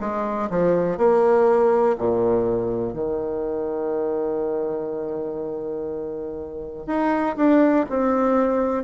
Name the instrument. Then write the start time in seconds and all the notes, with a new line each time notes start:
bassoon
0.00 G#3
0.50 F3
0.98 A#3
1.98 A#2
2.94 D#3
6.87 D#4
7.37 D4
7.90 C4